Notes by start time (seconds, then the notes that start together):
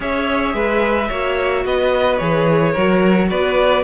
0.00 C#4 G#4 C#5 E5
0.54 G#3 B4
1.08 A#3 F#4 C#5
1.64 B3 B4 D#5
2.17 E3 G#4 C#5
2.72 F#3 F#4 A#4
3.29 B3 B4 D5